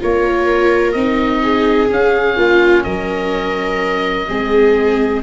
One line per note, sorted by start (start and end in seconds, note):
0.00 0.95 A#3
0.00 0.95 F4
0.00 1.43 A#4
0.00 0.92 C#5
0.92 1.90 C4
0.92 1.89 D#4
0.92 1.88 D#5
1.43 2.37 G#4
1.89 4.27 C#4
1.89 2.38 C#4
1.89 2.84 F5
2.37 2.85 A#3
2.37 2.85 F4
2.84 4.28 F#3
2.84 4.28 A#4
2.84 5.22 D#5
4.29 5.24 G#3
4.29 5.24 C4
4.29 5.24 G#4